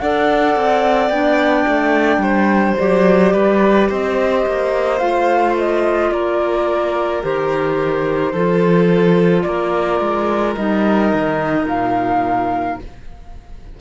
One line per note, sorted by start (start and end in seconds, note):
0.00 0.56 D4
0.00 1.12 A4
0.00 2.22 D5
0.00 1.09 F#5
0.56 1.10 C4
1.09 1.66 B3
1.09 2.79 D4
1.09 2.75 G5
1.68 2.18 A3
2.18 2.74 G3
2.18 3.33 C5
2.78 3.34 F#3
2.78 5.01 G4
2.78 3.90 D5
3.33 3.90 G3
3.33 3.88 B4
3.88 4.46 C4
3.88 6.11 C5
3.88 4.99 D#5
4.47 5.01 A#3
4.99 6.12 A3
4.99 7.22 F4
4.99 5.55 F5
5.59 6.12 D#5
6.12 7.23 A#3
6.12 8.33 A#4
6.12 7.23 D5
7.22 8.34 D#3
7.22 8.34 G4
7.22 9.43 C5
8.33 9.45 F3
8.33 10.57 F4
8.33 9.44 A4
9.43 10.01 A#3
9.43 12.81 A#4
9.43 10.54 D5
10.01 10.56 G#3
10.56 11.13 G3
10.56 12.79 D#4
10.56 11.67 D#5
11.14 11.66 D#3
11.66 12.77 A#2
11.66 12.80 F5